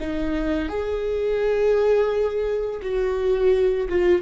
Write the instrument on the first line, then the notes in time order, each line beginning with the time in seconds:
viola
0.00 D#4
0.69 G#4
2.83 F#4
3.90 F4